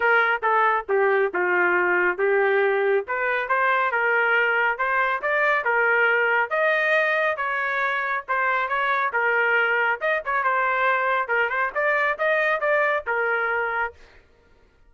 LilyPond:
\new Staff \with { instrumentName = "trumpet" } { \time 4/4 \tempo 4 = 138 ais'4 a'4 g'4 f'4~ | f'4 g'2 b'4 | c''4 ais'2 c''4 | d''4 ais'2 dis''4~ |
dis''4 cis''2 c''4 | cis''4 ais'2 dis''8 cis''8 | c''2 ais'8 c''8 d''4 | dis''4 d''4 ais'2 | }